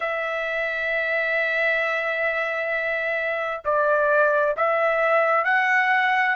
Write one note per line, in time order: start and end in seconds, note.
0.00 3.61 E5
3.64 4.55 D5
4.56 5.44 E5
5.44 6.35 F#5